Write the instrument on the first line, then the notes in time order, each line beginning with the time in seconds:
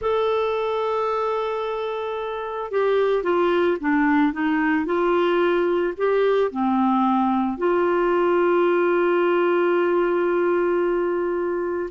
clarinet
0.01 A4
2.71 G4
3.23 F4
3.80 D4
4.32 D#4
4.85 F4
5.97 G4
6.51 C4
7.57 F4